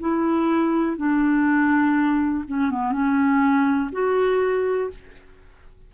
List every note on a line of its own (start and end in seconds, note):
0.00 0.97 E4
0.97 2.44 D4
2.48 2.70 C#4
2.70 2.92 B3
2.92 3.90 C#4
3.92 4.90 F#4